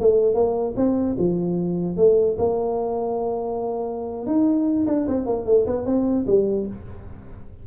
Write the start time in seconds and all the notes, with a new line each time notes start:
0.00 A3
0.35 A#3
0.77 C4
1.19 F3
1.97 A3
2.39 A#3
4.27 D#4
4.87 D4
5.08 C4
5.26 A#3
5.46 A3
5.67 B3
5.86 C4
6.27 G3